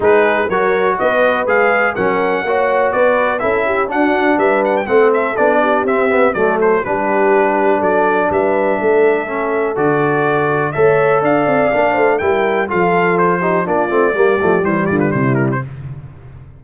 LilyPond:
<<
  \new Staff \with { instrumentName = "trumpet" } { \time 4/4 \tempo 4 = 123 b'4 cis''4 dis''4 f''4 | fis''2 d''4 e''4 | fis''4 e''8 fis''16 g''16 fis''8 e''8 d''4 | e''4 d''8 c''8 b'2 |
d''4 e''2. | d''2 e''4 f''4~ | f''4 g''4 f''4 c''4 | d''2 c''8 d''16 b'16 c''8 ais'16 c''16 | }
  \new Staff \with { instrumentName = "horn" } { \time 4/4 gis'4 ais'4 b'2 | ais'4 cis''4 b'4 a'8 g'8 | fis'4 b'4 a'4. g'8~ | g'4 a'4 g'2 |
a'4 b'4 a'2~ | a'2 cis''4 d''4~ | d''8 c''8 ais'4 a'4. g'8 | f'4 g'4. f'8 e'4 | }
  \new Staff \with { instrumentName = "trombone" } { \time 4/4 dis'4 fis'2 gis'4 | cis'4 fis'2 e'4 | d'2 c'4 d'4 | c'8 b8 a4 d'2~ |
d'2. cis'4 | fis'2 a'2 | d'4 e'4 f'4. dis'8 | d'8 c'8 ais8 a8 g2 | }
  \new Staff \with { instrumentName = "tuba" } { \time 4/4 gis4 fis4 b4 gis4 | fis4 ais4 b4 cis'4 | d'4 g4 a4 b4 | c'4 fis4 g2 |
fis4 g4 a2 | d2 a4 d'8 c'8 | ais8 a8 g4 f2 | ais8 a8 g8 f8 e8 d8 c4 | }
>>